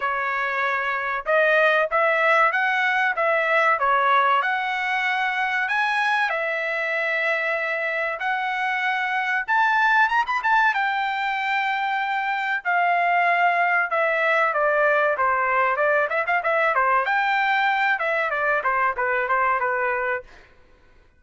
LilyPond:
\new Staff \with { instrumentName = "trumpet" } { \time 4/4 \tempo 4 = 95 cis''2 dis''4 e''4 | fis''4 e''4 cis''4 fis''4~ | fis''4 gis''4 e''2~ | e''4 fis''2 a''4 |
ais''16 b''16 a''8 g''2. | f''2 e''4 d''4 | c''4 d''8 e''16 f''16 e''8 c''8 g''4~ | g''8 e''8 d''8 c''8 b'8 c''8 b'4 | }